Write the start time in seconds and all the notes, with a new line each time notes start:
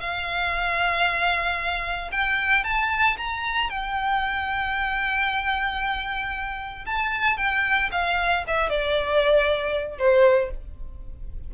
0.00 F5
2.11 G5
2.64 A5
3.17 A#5
3.69 G5
6.86 A5
7.37 G5
7.92 F5
8.47 E5
8.70 D5
9.98 C5